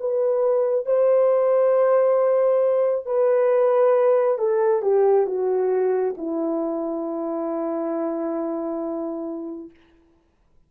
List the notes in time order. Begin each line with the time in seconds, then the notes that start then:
0.00 B4
0.86 C5
3.06 B4
4.38 A4
4.82 G4
5.27 F#4
6.17 E4